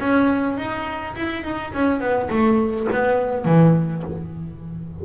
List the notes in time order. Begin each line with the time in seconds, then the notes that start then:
0.00 C#4
0.57 D#4
1.16 E4
1.44 D#4
1.73 C#4
2.00 B3
2.30 A3
2.92 B3
3.45 E3